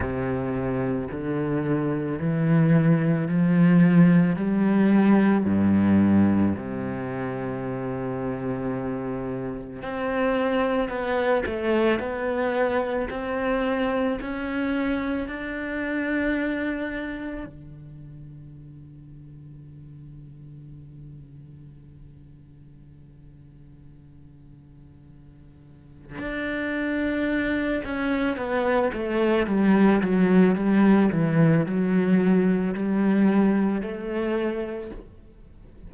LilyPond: \new Staff \with { instrumentName = "cello" } { \time 4/4 \tempo 4 = 55 c4 d4 e4 f4 | g4 g,4 c2~ | c4 c'4 b8 a8 b4 | c'4 cis'4 d'2 |
d1~ | d1 | d'4. cis'8 b8 a8 g8 fis8 | g8 e8 fis4 g4 a4 | }